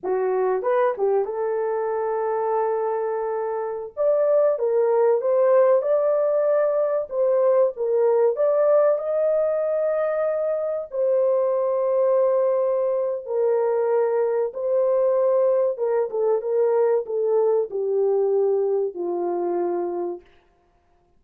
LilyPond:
\new Staff \with { instrumentName = "horn" } { \time 4/4 \tempo 4 = 95 fis'4 b'8 g'8 a'2~ | a'2~ a'16 d''4 ais'8.~ | ais'16 c''4 d''2 c''8.~ | c''16 ais'4 d''4 dis''4.~ dis''16~ |
dis''4~ dis''16 c''2~ c''8.~ | c''4 ais'2 c''4~ | c''4 ais'8 a'8 ais'4 a'4 | g'2 f'2 | }